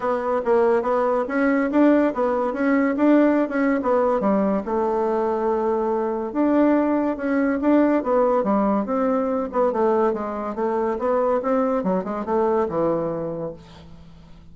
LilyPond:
\new Staff \with { instrumentName = "bassoon" } { \time 4/4 \tempo 4 = 142 b4 ais4 b4 cis'4 | d'4 b4 cis'4 d'4~ | d'16 cis'8. b4 g4 a4~ | a2. d'4~ |
d'4 cis'4 d'4 b4 | g4 c'4. b8 a4 | gis4 a4 b4 c'4 | fis8 gis8 a4 e2 | }